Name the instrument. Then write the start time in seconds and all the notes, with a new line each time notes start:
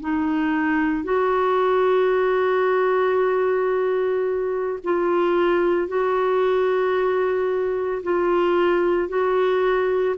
clarinet
0.00 D#4
1.04 F#4
4.84 F4
5.88 F#4
8.03 F4
9.08 F#4